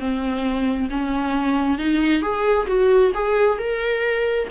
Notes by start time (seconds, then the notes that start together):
0.00 C4
0.90 C#4
1.79 D#4
2.22 G#4
2.68 F#4
3.15 G#4
3.59 A#4